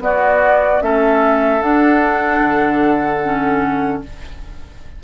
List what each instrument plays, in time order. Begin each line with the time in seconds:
0.00 bassoon B3, clarinet B3, oboe F#4, flute D5
0.81 bassoon A3, clarinet C#4, oboe A4, flute E5
1.62 clarinet D4, bassoon D4, flute F#5
2.40 bassoon D3
3.24 clarinet C#4